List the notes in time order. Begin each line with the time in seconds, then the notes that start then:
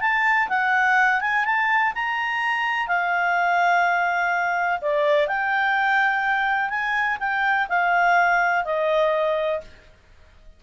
0.00 A5
0.48 F#5
1.20 G#5
1.44 A5
1.94 A#5
2.87 F5
4.81 D5
5.27 G5
6.69 G#5
7.19 G5
7.68 F5
8.64 D#5